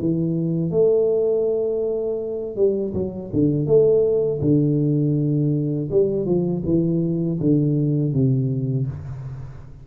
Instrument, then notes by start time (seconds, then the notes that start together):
tuba
0.00 E3
0.71 A3
2.57 G3
2.94 F#3
3.33 D3
3.67 A3
4.42 D3
5.91 G3
6.26 F3
6.66 E3
7.40 D3
8.13 C3